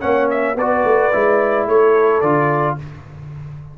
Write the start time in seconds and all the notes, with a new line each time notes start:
0.00 A#3 C#4 C#5 F#5
0.30 E5
0.55 B3 F#4 B4 D5
0.84 A3
1.12 G#3 E4
1.67 A3 A4 C#5
2.21 D3 F4 D5